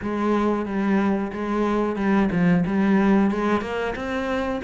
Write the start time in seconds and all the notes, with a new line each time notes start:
0.01 G#3
0.65 G3
1.32 G#3
1.96 G3
2.31 F3
2.66 G3
3.31 G#3
3.61 A#3
3.95 C4